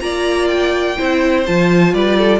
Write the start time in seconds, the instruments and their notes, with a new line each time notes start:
0.00 cello A#3, viola F4, violin D5 A#5
0.48 violin G5
0.97 cello C4, viola E4, violin C5
1.46 cello F3, viola F4, violin A5
1.93 cello G3, violin B4 D5
2.18 violin A4